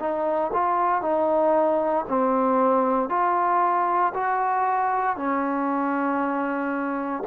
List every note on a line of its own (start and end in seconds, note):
0.00 0.52 D#4
0.54 1.02 F4
1.02 2.05 D#4
2.09 3.09 C4
3.09 4.13 F4
4.14 5.16 F#4
5.16 7.23 C#4